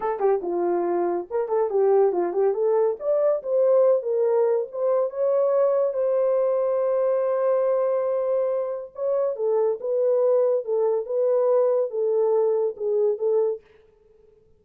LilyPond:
\new Staff \with { instrumentName = "horn" } { \time 4/4 \tempo 4 = 141 a'8 g'8 f'2 ais'8 a'8 | g'4 f'8 g'8 a'4 d''4 | c''4. ais'4. c''4 | cis''2 c''2~ |
c''1~ | c''4 cis''4 a'4 b'4~ | b'4 a'4 b'2 | a'2 gis'4 a'4 | }